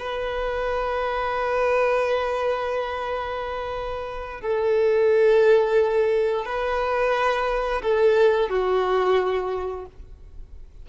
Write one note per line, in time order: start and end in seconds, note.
0.00 4.42 B4
4.42 6.46 A4
6.46 7.82 B4
7.83 8.50 A4
8.50 9.86 F#4